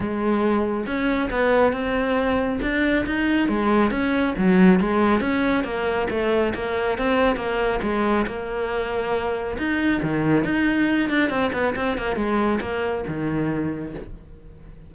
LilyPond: \new Staff \with { instrumentName = "cello" } { \time 4/4 \tempo 4 = 138 gis2 cis'4 b4 | c'2 d'4 dis'4 | gis4 cis'4 fis4 gis4 | cis'4 ais4 a4 ais4 |
c'4 ais4 gis4 ais4~ | ais2 dis'4 dis4 | dis'4. d'8 c'8 b8 c'8 ais8 | gis4 ais4 dis2 | }